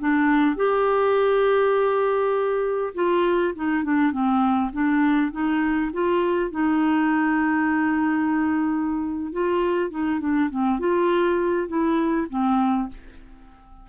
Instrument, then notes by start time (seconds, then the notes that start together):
clarinet
0.00 D4
0.56 G4
2.95 F4
3.56 D#4
3.84 D4
4.12 C4
4.73 D4
5.32 D#4
5.93 F4
6.51 D#4
9.33 F4
9.91 D#4
10.20 D4
10.50 C4
10.80 F4
11.68 E4
12.30 C4